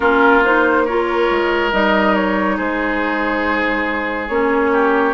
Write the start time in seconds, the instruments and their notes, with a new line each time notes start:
0.00 bassoon A#3, clarinet C#4, oboe F4, flute A#4
0.44 clarinet D#4, flute C5
0.85 clarinet F4, oboe A#4, flute C#5
1.30 bassoon G#3
1.71 bassoon G3, clarinet D#4, flute D#5
2.14 flute C#5
2.56 bassoon G#3, oboe G#4, flute C5
4.28 bassoon A#3, clarinet C#4, flute C#5
4.72 oboe G4